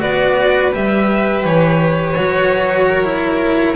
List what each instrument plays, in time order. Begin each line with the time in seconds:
0.00 double bass B3, cello F#4, violin B4 D5
0.71 double bass G3, cello G4, violin E5
1.44 double bass E3, violin C#5
2.16 double bass F#3, cello F#4
2.88 violin A#4
3.03 cello E4